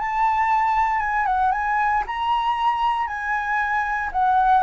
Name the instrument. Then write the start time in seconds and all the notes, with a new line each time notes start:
flute
0.00 A5
1.00 G#5
1.26 F#5
1.52 G#5
2.07 A#5
3.07 G#5
4.13 F#5